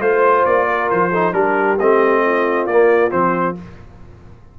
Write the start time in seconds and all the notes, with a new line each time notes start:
0.00 A3 F4 C5
0.45 A#3 D5
0.67 A#4
0.91 F3 C5
1.11 D#4 A4
1.33 G3 D4 G4 A#4
1.79 A3 C4 D#5
2.25 F4
2.66 A#3 D5
3.11 F3 C4 C5